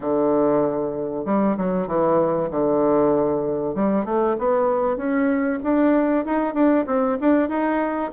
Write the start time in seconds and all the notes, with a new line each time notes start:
0.00 D3
1.25 G3
1.57 F#3
1.87 E3
2.50 D3
3.74 G3
4.05 A3
4.38 B3
4.97 C#4
5.62 D4
6.25 D#4
6.53 D4
6.86 C4
7.20 D4
7.48 D#4